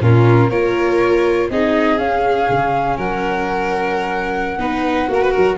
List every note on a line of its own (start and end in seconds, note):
0.00 0.49 A#2
0.00 0.50 C#4
0.00 0.50 F4
0.00 0.50 A#4
0.49 1.48 A#3
0.49 1.51 F4
0.49 1.49 A#4
0.49 1.49 C#5
1.50 1.98 C4
1.50 1.98 D#4
1.50 2.97 G#4
1.50 1.98 D#5
1.98 4.58 C#4
1.98 2.48 C#4
1.98 2.98 F5
2.49 2.98 C#3
2.97 4.58 F#3
2.97 4.58 A#4
2.97 5.58 F#5
4.58 5.07 B3
4.58 5.08 D#4
4.58 5.09 B4
5.08 5.33 A#3
5.08 5.57 F#4
5.08 5.23 A#4
5.23 5.31 B4
5.31 5.58 F#3
5.31 5.56 A#4